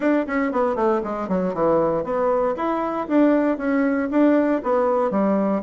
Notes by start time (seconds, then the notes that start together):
0.00 D4
0.26 C#4
0.52 B3
0.75 A3
1.03 G#3
1.28 F#3
1.54 E3
2.03 B3
2.56 E4
3.07 D4
3.57 C#4
4.10 D4
4.63 B3
5.10 G3